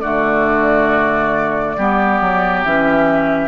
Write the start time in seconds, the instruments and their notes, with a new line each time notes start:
0.00 bassoon D3, clarinet A3, oboe F#4, flute D5
1.77 bassoon G3, clarinet B3, oboe G4
2.21 bassoon F#3
2.65 bassoon E3, clarinet C#4, flute E5